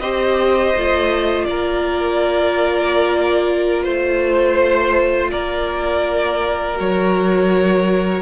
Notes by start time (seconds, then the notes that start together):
0.00 C4 G4 C5 D#5
0.77 A3 F4
1.46 A#3 A#4 D5
3.84 A3 C5
5.31 A#3 A#4 D5
6.75 F#3 F#4 C#5